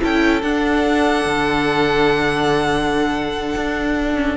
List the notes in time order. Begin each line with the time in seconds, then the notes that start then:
0.00 C#4 E4 A4 G5
0.42 D4 F#5
1.25 D3
3.56 D4
4.15 C#4